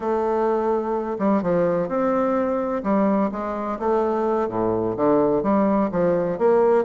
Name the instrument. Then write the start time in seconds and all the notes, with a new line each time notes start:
bassoon
0.00 A3
1.18 G3
1.42 F3
1.88 C4
2.83 G3
3.31 G#3
3.79 A3
4.48 A2
4.96 D3
5.42 G3
5.91 F3
6.38 A#3